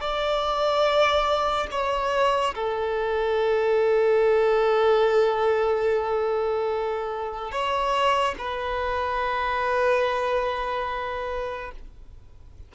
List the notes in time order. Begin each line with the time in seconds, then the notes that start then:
0.00 D5
1.71 C#5
2.55 A4
7.52 C#5
8.38 B4